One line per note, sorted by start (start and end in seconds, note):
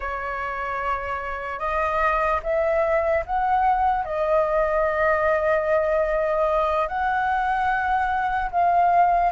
0.00 1.59 C#5
1.59 2.40 D#5
2.43 3.24 E5
3.25 4.04 F#5
4.04 6.88 D#5
6.88 8.50 F#5
8.51 9.32 F5